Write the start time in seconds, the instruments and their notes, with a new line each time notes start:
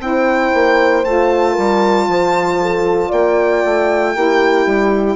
0.00 bassoon C4, saxophone E4, horn C5, violin G5
0.54 bassoon A#3
1.05 bassoon A3, saxophone F4, violin A5
1.53 bassoon G3, horn A#4
2.08 bassoon F3, horn C5
2.62 horn A4
3.09 bassoon A#3, horn D5, violin G5
3.65 bassoon A3
4.15 bassoon A#3, saxophone E4, horn G4
4.67 bassoon G3